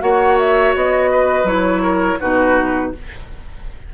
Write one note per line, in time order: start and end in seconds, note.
0.00 0.75 A#3
0.00 1.45 F#4
0.00 1.11 C#5
0.00 0.38 F#5
0.39 0.75 E5
0.76 1.44 B3
0.76 1.48 D#5
1.11 1.83 B4
1.44 2.16 F#3
1.44 2.19 E4
1.44 2.20 C#5
1.83 2.19 A#4
2.20 2.94 B2
2.20 2.93 D#4
2.20 2.93 F#4
2.20 2.93 B4